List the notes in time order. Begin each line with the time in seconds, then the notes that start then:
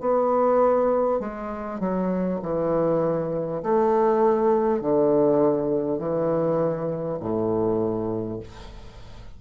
0.00 B3
1.19 G#3
1.80 F#3
2.42 E3
3.63 A3
4.81 D3
5.98 E3
7.19 A2